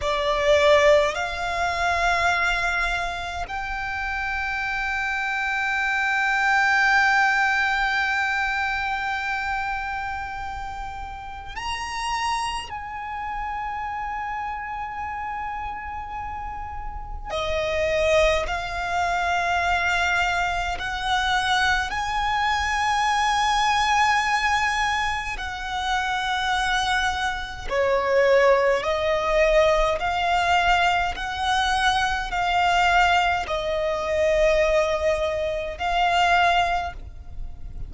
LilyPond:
\new Staff \with { instrumentName = "violin" } { \time 4/4 \tempo 4 = 52 d''4 f''2 g''4~ | g''1~ | g''2 ais''4 gis''4~ | gis''2. dis''4 |
f''2 fis''4 gis''4~ | gis''2 fis''2 | cis''4 dis''4 f''4 fis''4 | f''4 dis''2 f''4 | }